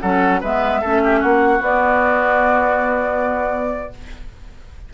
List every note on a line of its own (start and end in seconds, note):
0.00 0.42 F#3
0.00 0.42 C#4
0.00 0.40 A4
0.00 0.40 F#5
0.40 0.82 G#3
0.40 0.83 B3
0.40 0.80 B4
0.40 1.22 E5
0.81 1.23 A3
0.81 1.60 C#4
0.81 1.01 A4
1.03 1.19 G4
1.19 1.60 A#3
1.19 3.89 F#4
1.19 1.62 F#5
1.60 3.90 B3
1.60 3.93 D5